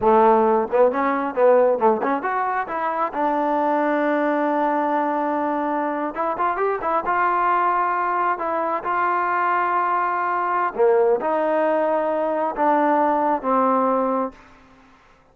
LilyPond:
\new Staff \with { instrumentName = "trombone" } { \time 4/4 \tempo 4 = 134 a4. b8 cis'4 b4 | a8 cis'8 fis'4 e'4 d'4~ | d'1~ | d'4.~ d'16 e'8 f'8 g'8 e'8 f'16~ |
f'2~ f'8. e'4 f'16~ | f'1 | ais4 dis'2. | d'2 c'2 | }